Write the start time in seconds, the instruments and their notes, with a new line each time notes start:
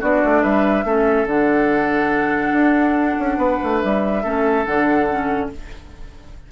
0.00 bassoon B3, clarinet D4, oboe F#4, flute D5
0.24 bassoon A3
0.42 bassoon G3, oboe B4, flute E5
0.84 bassoon A3, clarinet C#4, oboe A4
1.25 bassoon D3, clarinet D4, flute F#5
2.52 bassoon D4
3.19 bassoon C#4
3.37 bassoon B3, oboe B4
3.63 bassoon A3
3.81 bassoon G3, flute E5
4.22 bassoon A3, clarinet C#4, oboe A4
4.65 bassoon D3, clarinet D4, flute F#5
5.09 clarinet C#4